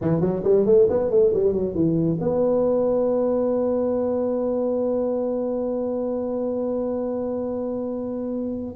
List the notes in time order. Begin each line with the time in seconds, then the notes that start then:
0.01 E3
0.21 F#3
0.43 G3
0.65 A3
0.89 B3
1.10 A3
1.33 G3
1.52 F#3
1.74 E3
2.20 B3